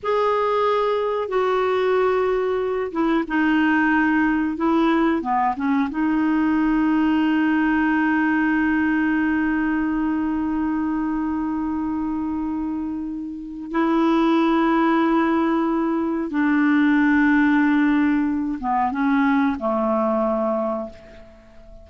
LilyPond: \new Staff \with { instrumentName = "clarinet" } { \time 4/4 \tempo 4 = 92 gis'2 fis'2~ | fis'8 e'8 dis'2 e'4 | b8 cis'8 dis'2.~ | dis'1~ |
dis'1~ | dis'4 e'2.~ | e'4 d'2.~ | d'8 b8 cis'4 a2 | }